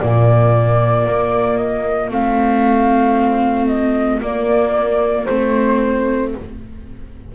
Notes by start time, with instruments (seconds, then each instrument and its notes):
0.00 double bass A#2, viola A#3, clarinet F4, flute D5
1.07 double bass A#3
1.57 flute D#5
2.11 double bass A3, viola C4, flute F5
3.67 flute D#5
4.22 double bass A#3, viola A#3, flute D5
5.26 double bass A3, viola C4, flute C5